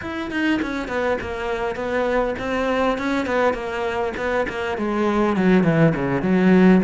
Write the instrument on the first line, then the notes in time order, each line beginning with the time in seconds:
cello
0.01 E4
0.30 D#4
0.62 C#4
0.87 B3
1.21 A#3
1.75 B3
2.38 C4
2.98 C#4
3.26 B3
3.53 A#3
4.16 B3
4.49 A#3
4.77 G#3
5.36 F#3
5.63 E3
5.95 C#3
6.22 F#3